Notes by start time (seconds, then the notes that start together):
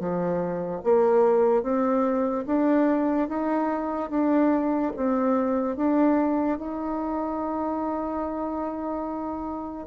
0.00 F3
0.84 A#3
1.63 C4
2.47 D4
3.29 D#4
4.11 D4
4.97 C4
5.77 D4
6.59 D#4